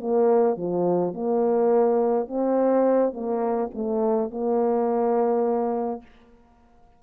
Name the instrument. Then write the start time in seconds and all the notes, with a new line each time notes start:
horn
0.00 A#3
0.57 F3
1.14 A#3
2.27 C4
3.12 A#3
3.74 A3
4.30 A#3